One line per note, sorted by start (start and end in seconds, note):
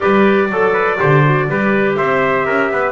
0.00 0.49 G3
0.00 0.48 G4
0.00 0.51 B4
0.00 1.95 D5
0.49 0.98 F#3
0.49 0.98 A4
0.49 0.72 A4
0.72 0.97 B4
0.98 1.48 D3
0.98 1.22 G4
0.98 1.48 C5
1.24 1.48 F#4
1.48 1.98 G3
1.48 2.92 G4
1.48 1.97 B4
1.96 2.46 C4
1.96 2.46 C5
1.96 2.92 E5
2.46 2.70 C#4
2.46 2.70 A#4
2.70 2.92 B3
2.70 2.92 B4